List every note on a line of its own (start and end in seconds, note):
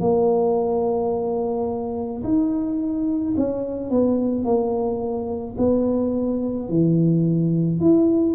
0.00 2.22 A#3
2.24 3.35 D#4
3.37 3.90 C#4
3.90 4.44 B3
4.44 5.56 A#3
5.58 6.69 B3
6.69 7.80 E3
7.80 8.35 E4